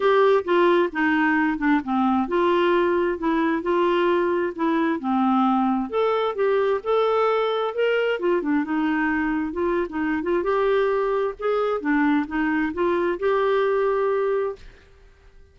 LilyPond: \new Staff \with { instrumentName = "clarinet" } { \time 4/4 \tempo 4 = 132 g'4 f'4 dis'4. d'8 | c'4 f'2 e'4 | f'2 e'4 c'4~ | c'4 a'4 g'4 a'4~ |
a'4 ais'4 f'8 d'8 dis'4~ | dis'4 f'8. dis'8. f'8 g'4~ | g'4 gis'4 d'4 dis'4 | f'4 g'2. | }